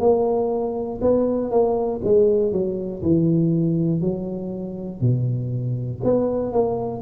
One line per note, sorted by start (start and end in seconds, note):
0.00 1.00 A#3
1.01 1.51 B3
1.51 2.01 A#3
2.04 2.53 G#3
2.53 3.03 F#3
3.03 4.01 E3
4.01 5.01 F#3
5.01 6.01 B2
6.04 6.53 B3
6.53 7.02 A#3